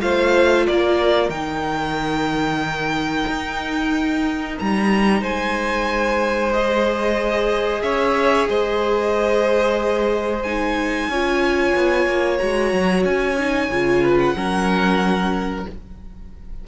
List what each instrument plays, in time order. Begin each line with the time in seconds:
0.00 cello A3, viola F4, violin C5 F5
0.66 cello A#3, violin A#4 D5
1.29 cello D#3, viola D#4, violin G5
3.27 cello D#4
4.59 cello G3, violin A#5
5.21 cello G#3, violin C5 G#5
6.53 viola G#4, violin D#5
7.82 cello C#4, violin C#5 E5
8.49 cello G#3, violin C5 D#5
10.42 viola D#4, violin G#5
11.08 cello C#4, viola F4, violin C#5
11.75 cello B3
12.06 cello A#3
12.38 cello G#3, viola F#4, violin A#5
12.72 cello F#3
13.04 cello C#4, violin G#5
13.38 viola D#4
13.70 cello C#3, viola F4
14.03 violin B4
14.18 violin F#5
14.35 cello F#3, viola C#4, violin A#4